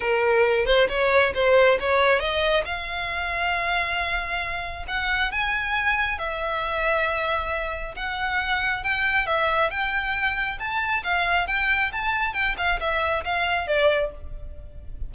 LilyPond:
\new Staff \with { instrumentName = "violin" } { \time 4/4 \tempo 4 = 136 ais'4. c''8 cis''4 c''4 | cis''4 dis''4 f''2~ | f''2. fis''4 | gis''2 e''2~ |
e''2 fis''2 | g''4 e''4 g''2 | a''4 f''4 g''4 a''4 | g''8 f''8 e''4 f''4 d''4 | }